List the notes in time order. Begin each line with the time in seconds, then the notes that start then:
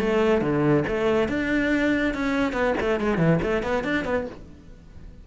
0.00 A3
0.41 D3
0.88 A3
1.29 D4
2.14 C#4
2.53 B3
2.81 A3
3.00 G#3
3.18 E3
3.42 A3
3.63 B3
3.84 D4
4.05 B3